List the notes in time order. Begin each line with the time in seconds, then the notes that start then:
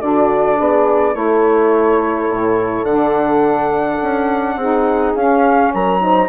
0.00 D3 D4 F#4 D5
0.58 B3 G#4
1.13 A3 E4 A4 C#5
2.30 A2
2.83 D3 D4 F#5
4.02 C#4
4.56 C4 D#4 G#4
5.15 C#4 F5
5.74 F#3 A#4 A#5
6.00 D#4 C5